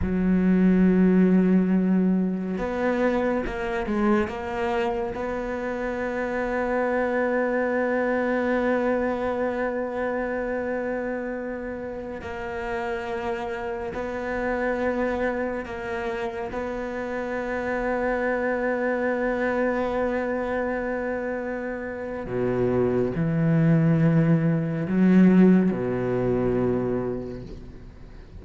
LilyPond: \new Staff \with { instrumentName = "cello" } { \time 4/4 \tempo 4 = 70 fis2. b4 | ais8 gis8 ais4 b2~ | b1~ | b2~ b16 ais4.~ ais16~ |
ais16 b2 ais4 b8.~ | b1~ | b2 b,4 e4~ | e4 fis4 b,2 | }